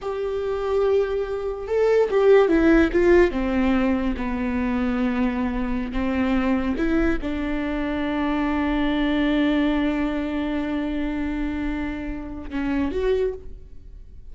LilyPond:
\new Staff \with { instrumentName = "viola" } { \time 4/4 \tempo 4 = 144 g'1 | a'4 g'4 e'4 f'4 | c'2 b2~ | b2~ b16 c'4.~ c'16~ |
c'16 e'4 d'2~ d'8.~ | d'1~ | d'1~ | d'2 cis'4 fis'4 | }